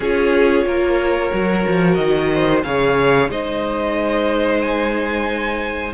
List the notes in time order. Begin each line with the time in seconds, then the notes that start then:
0.00 C#4 F4 G#4 C#5
0.65 A#3 A#4
1.31 F#3 F#4
1.67 F3
1.94 D#3 D#5
2.32 C5
2.63 C#3 G#4 C#5 F5
3.28 G#3 D#4 C5 D#5
4.61 G#5